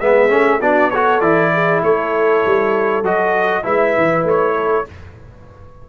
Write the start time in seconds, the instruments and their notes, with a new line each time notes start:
0.00 tuba G#3, trombone B3, horn G#4, trumpet E5
0.29 tuba A3, trombone C#4
0.59 tuba B3, trombone D4, horn F#4, trumpet D5
0.90 trombone F#4, horn A4, trumpet C#5
1.20 tuba E3, trombone E4, trumpet D5
1.54 horn G#4
1.82 tuba A3, horn A4, trumpet C#5
2.46 tuba G3
3.02 tuba F#3, trombone F#4, trumpet D#5
3.63 tuba G#3, trombone E4, horn B4, trumpet E5
3.97 tuba E3
4.23 tuba A3, trumpet C#5
4.55 horn A4